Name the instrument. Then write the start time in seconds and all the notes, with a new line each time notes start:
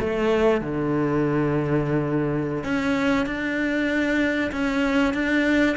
cello
0.00 A3
0.61 D3
2.64 C#4
3.26 D4
4.52 C#4
5.14 D4